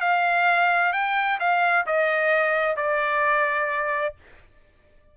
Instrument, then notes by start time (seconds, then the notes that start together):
trumpet
0.00 F5
0.92 G5
1.39 F5
1.86 D#5
2.76 D5